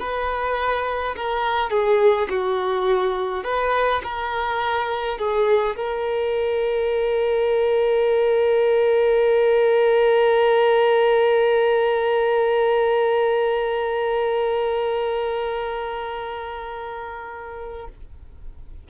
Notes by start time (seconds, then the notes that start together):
0.00 B4
1.16 A#4
1.70 G#4
2.30 F#4
3.44 B4
4.04 A#4
5.19 G#4
5.76 A#4